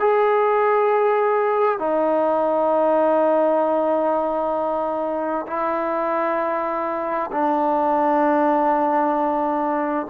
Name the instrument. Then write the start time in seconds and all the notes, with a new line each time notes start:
trombone
0.00 G#4
1.79 D#4
5.47 E4
7.32 D4